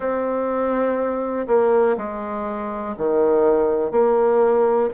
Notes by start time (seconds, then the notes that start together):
0.00 C4
1.47 A#3
1.97 G#3
2.97 D#3
3.91 A#3